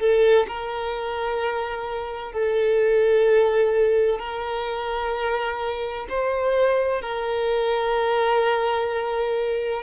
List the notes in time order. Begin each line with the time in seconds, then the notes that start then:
0.00 A4
0.48 A#4
2.33 A4
4.20 A#4
6.10 C5
7.02 A#4